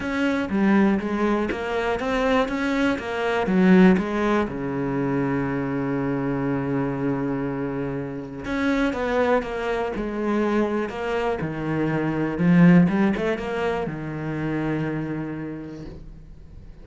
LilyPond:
\new Staff \with { instrumentName = "cello" } { \time 4/4 \tempo 4 = 121 cis'4 g4 gis4 ais4 | c'4 cis'4 ais4 fis4 | gis4 cis2.~ | cis1~ |
cis4 cis'4 b4 ais4 | gis2 ais4 dis4~ | dis4 f4 g8 a8 ais4 | dis1 | }